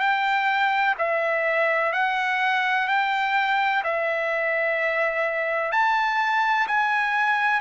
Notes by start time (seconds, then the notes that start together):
0.00 G5
0.98 E5
1.93 F#5
2.88 G5
3.84 E5
5.72 A5
6.68 G#5